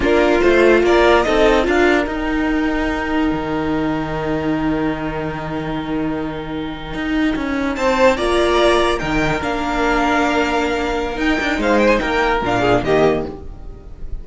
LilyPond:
<<
  \new Staff \with { instrumentName = "violin" } { \time 4/4 \tempo 4 = 145 ais'4 c''4 d''4 dis''4 | f''4 g''2.~ | g''1~ | g''1~ |
g''2~ g''8. a''4 ais''16~ | ais''4.~ ais''16 g''4 f''4~ f''16~ | f''2. g''4 | f''8 g''16 gis''16 g''4 f''4 dis''4 | }
  \new Staff \with { instrumentName = "violin" } { \time 4/4 f'2 ais'4 a'4 | ais'1~ | ais'1~ | ais'1~ |
ais'2~ ais'8. c''4 d''16~ | d''4.~ d''16 ais'2~ ais'16~ | ais'1 | c''4 ais'4. gis'8 g'4 | }
  \new Staff \with { instrumentName = "viola" } { \time 4/4 d'4 f'2 dis'4 | f'4 dis'2.~ | dis'1~ | dis'1~ |
dis'2.~ dis'8. f'16~ | f'4.~ f'16 dis'4 d'4~ d'16~ | d'2. dis'4~ | dis'2 d'4 ais4 | }
  \new Staff \with { instrumentName = "cello" } { \time 4/4 ais4 a4 ais4 c'4 | d'4 dis'2. | dis1~ | dis1~ |
dis8. dis'4 cis'4 c'4 ais16~ | ais4.~ ais16 dis4 ais4~ ais16~ | ais2. dis'8 d'8 | gis4 ais4 ais,4 dis4 | }
>>